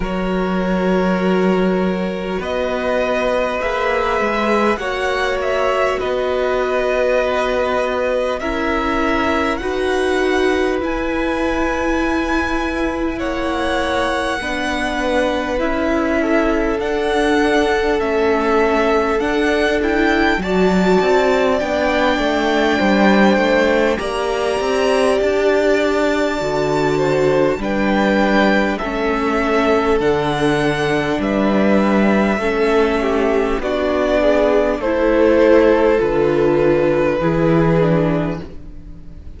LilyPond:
<<
  \new Staff \with { instrumentName = "violin" } { \time 4/4 \tempo 4 = 50 cis''2 dis''4 e''4 | fis''8 e''8 dis''2 e''4 | fis''4 gis''2 fis''4~ | fis''4 e''4 fis''4 e''4 |
fis''8 g''8 a''4 g''2 | ais''4 a''2 g''4 | e''4 fis''4 e''2 | d''4 c''4 b'2 | }
  \new Staff \with { instrumentName = "violin" } { \time 4/4 ais'2 b'2 | cis''4 b'2 ais'4 | b'2. cis''4 | b'4. a'2~ a'8~ |
a'4 d''2 c''4 | d''2~ d''8 c''8 b'4 | a'2 b'4 a'8 g'8 | fis'8 gis'8 a'2 gis'4 | }
  \new Staff \with { instrumentName = "viola" } { \time 4/4 fis'2. gis'4 | fis'2. e'4 | fis'4 e'2. | d'4 e'4 d'4 cis'4 |
d'8 e'8 fis'4 d'2 | g'2 fis'4 d'4 | cis'4 d'2 cis'4 | d'4 e'4 f'4 e'8 d'8 | }
  \new Staff \with { instrumentName = "cello" } { \time 4/4 fis2 b4 ais8 gis8 | ais4 b2 cis'4 | dis'4 e'2 ais4 | b4 cis'4 d'4 a4 |
d'4 fis8 c'8 b8 a8 g8 a8 | ais8 c'8 d'4 d4 g4 | a4 d4 g4 a4 | b4 a4 d4 e4 | }
>>